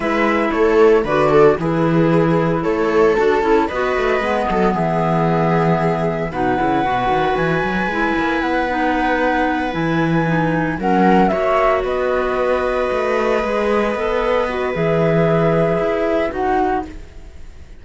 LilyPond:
<<
  \new Staff \with { instrumentName = "flute" } { \time 4/4 \tempo 4 = 114 e''4 cis''4 d''4 b'4~ | b'4 cis''4 a'4 dis''4~ | dis''4 e''2. | fis''2 gis''2 |
fis''2~ fis''8 gis''4.~ | gis''8 fis''4 e''4 dis''4.~ | dis''1 | e''2. fis''4 | }
  \new Staff \with { instrumentName = "viola" } { \time 4/4 b'4 a'4 b'8 a'8 gis'4~ | gis'4 a'2 b'4~ | b'8 a'8 gis'2. | b'1~ |
b'1~ | b'8 ais'4 cis''4 b'4.~ | b'1~ | b'1 | }
  \new Staff \with { instrumentName = "clarinet" } { \time 4/4 e'2 fis'4 e'4~ | e'2 fis'8 e'8 fis'4 | b1 | dis'8 e'8 fis'2 e'4~ |
e'8 dis'2 e'4 dis'8~ | dis'8 cis'4 fis'2~ fis'8~ | fis'4. gis'4 a'4 fis'8 | gis'2. fis'4 | }
  \new Staff \with { instrumentName = "cello" } { \time 4/4 gis4 a4 d4 e4~ | e4 a4 d'8 cis'8 b8 a8 | gis8 fis8 e2. | b,8 cis8 b,8 dis8 e8 fis8 gis8 ais8 |
b2~ b8 e4.~ | e8 fis4 ais4 b4.~ | b8 a4 gis4 b4. | e2 e'4 dis'4 | }
>>